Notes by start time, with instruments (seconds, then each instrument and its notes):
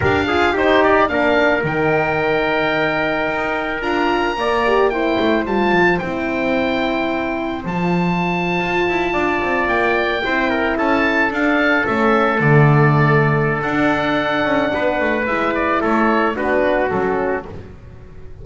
0.00 double bass D4, horn G4, trumpet A#4, oboe F5
0.27 horn F4, trumpet G#4
0.52 double bass D#4, horn D#4, trumpet G4, oboe C5
0.83 oboe D5
1.08 double bass A#3, horn D4, trumpet A#4, oboe F5
1.63 double bass D#3, horn D#4, oboe G5
3.27 double bass D#4
3.81 double bass D4, horn F4, oboe A#5
4.35 double bass A#3, horn A#4, trumpet D5
4.66 horn G4
4.89 horn E4, trumpet C5, oboe G5
5.19 double bass A3
5.45 double bass G3, horn F4, oboe A5
5.71 double bass F3
5.98 double bass C4, horn E4, oboe G5
7.64 double bass F3, horn F4, oboe A5
8.60 double bass F4
8.88 double bass E4
9.12 double bass D4, trumpet D5
9.42 double bass C4
9.67 double bass A#3, oboe G5
10.22 double bass C4, horn E4, trumpet C5
10.49 trumpet A#4
10.77 double bass C#4, trumpet A4, oboe A5
11.30 double bass D4, horn D4, oboe F5
11.84 double bass A3, horn C#4, oboe E5
12.40 double bass D3, horn A3, oboe D5
13.62 horn D4, double bass D4, oboe F#5
14.44 double bass C#4
14.73 double bass B3, trumpet B4
15.00 double bass A3
15.26 double bass G#3, horn E4, oboe E5
15.55 oboe D5
15.80 double bass A3, trumpet A4, oboe C#5
16.34 double bass B3, horn D4, trumpet F#4, oboe B4
16.90 double bass F#3, horn C#4, oboe A4